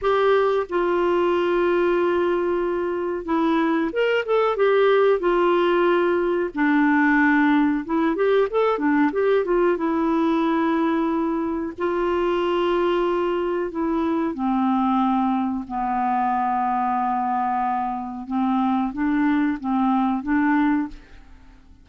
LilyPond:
\new Staff \with { instrumentName = "clarinet" } { \time 4/4 \tempo 4 = 92 g'4 f'2.~ | f'4 e'4 ais'8 a'8 g'4 | f'2 d'2 | e'8 g'8 a'8 d'8 g'8 f'8 e'4~ |
e'2 f'2~ | f'4 e'4 c'2 | b1 | c'4 d'4 c'4 d'4 | }